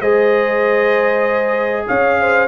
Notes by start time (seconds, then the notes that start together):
0.00 G#3 G#4 C5 D#5
1.87 C#4 C#5 F5
2.19 C5